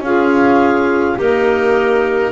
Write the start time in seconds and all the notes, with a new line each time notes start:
0.00 C#4 F4 G#4 F5
1.16 A#3 D#4 G4 A#4